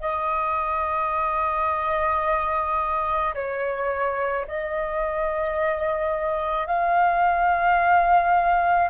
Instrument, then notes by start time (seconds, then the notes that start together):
flute
0.00 D#5
3.34 C#5
4.47 D#5
6.67 F5